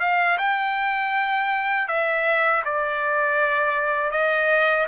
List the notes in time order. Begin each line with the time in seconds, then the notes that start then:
0.00 F5
0.38 G5
1.88 E5
2.65 D5
4.11 D#5